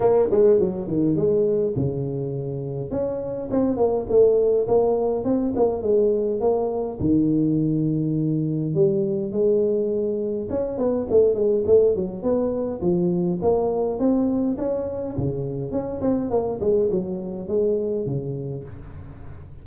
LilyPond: \new Staff \with { instrumentName = "tuba" } { \time 4/4 \tempo 4 = 103 ais8 gis8 fis8 dis8 gis4 cis4~ | cis4 cis'4 c'8 ais8 a4 | ais4 c'8 ais8 gis4 ais4 | dis2. g4 |
gis2 cis'8 b8 a8 gis8 | a8 fis8 b4 f4 ais4 | c'4 cis'4 cis4 cis'8 c'8 | ais8 gis8 fis4 gis4 cis4 | }